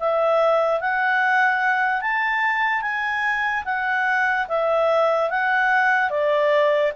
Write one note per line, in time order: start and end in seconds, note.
0.00 0.81 E5
0.81 2.01 F#5
2.01 2.82 A5
2.82 3.64 G#5
3.65 4.48 F#5
4.48 5.31 E5
5.31 6.10 F#5
6.10 6.93 D5